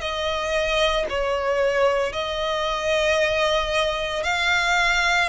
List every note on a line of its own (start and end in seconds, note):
0.00 1.05 D#5
1.09 2.12 C#5
2.12 4.23 D#5
4.23 5.28 F5